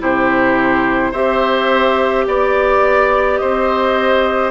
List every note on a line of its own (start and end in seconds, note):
0.00 1.13 C3
0.00 1.13 E4
0.00 1.11 G4
0.00 1.13 C5
1.11 2.26 C4
1.11 4.51 G4
1.11 2.25 C5
1.11 2.26 E5
2.27 3.41 B3
2.27 3.37 D5
2.27 3.41 D5
3.37 4.51 C4
3.37 4.51 C5
3.37 4.50 D#5